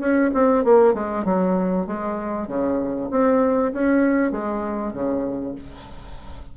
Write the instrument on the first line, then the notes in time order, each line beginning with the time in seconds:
bassoon
0.00 C#4
0.34 C4
0.64 A#3
0.94 G#3
1.25 F#3
1.87 G#3
2.48 C#3
3.11 C4
3.73 C#4
4.32 G#3
4.93 C#3